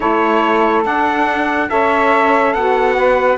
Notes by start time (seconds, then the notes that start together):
0.00 A3 E4 A4 C#5
0.83 D4 F#5
1.69 C#4 A4 C#5 E5
2.53 B3 F#4 F#5
2.96 B4